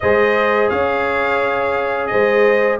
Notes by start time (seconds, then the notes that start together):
0.00 G#3 G#4 C5 D#5
0.69 C#4 C#5 F5
2.07 G#3 C5 D#5